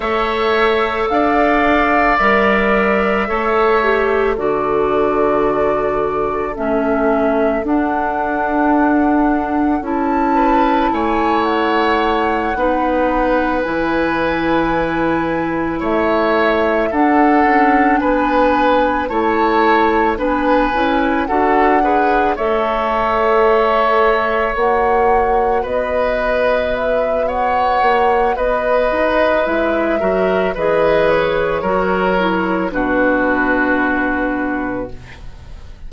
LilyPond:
<<
  \new Staff \with { instrumentName = "flute" } { \time 4/4 \tempo 4 = 55 e''4 f''4 e''2 | d''2 e''4 fis''4~ | fis''4 a''4 gis''8 fis''4.~ | fis''8 gis''2 e''4 fis''8~ |
fis''8 gis''4 a''4 gis''4 fis''8~ | fis''8 e''2 fis''4 dis''8~ | dis''8 e''8 fis''4 dis''4 e''4 | dis''8 cis''4. b'2 | }
  \new Staff \with { instrumentName = "oboe" } { \time 4/4 cis''4 d''2 cis''4 | a'1~ | a'4. b'8 cis''4. b'8~ | b'2~ b'8 cis''4 a'8~ |
a'8 b'4 cis''4 b'4 a'8 | b'8 cis''2. b'8~ | b'4 cis''4 b'4. ais'8 | b'4 ais'4 fis'2 | }
  \new Staff \with { instrumentName = "clarinet" } { \time 4/4 a'2 ais'4 a'8 g'8 | fis'2 cis'4 d'4~ | d'4 e'2~ e'8 dis'8~ | dis'8 e'2. d'8~ |
d'4. e'4 d'8 e'8 fis'8 | gis'8 a'2 fis'4.~ | fis'2. e'8 fis'8 | gis'4 fis'8 e'8 d'2 | }
  \new Staff \with { instrumentName = "bassoon" } { \time 4/4 a4 d'4 g4 a4 | d2 a4 d'4~ | d'4 cis'4 a4. b8~ | b8 e2 a4 d'8 |
cis'8 b4 a4 b8 cis'8 d'8~ | d'8 a2 ais4 b8~ | b4. ais8 b8 dis'8 gis8 fis8 | e4 fis4 b,2 | }
>>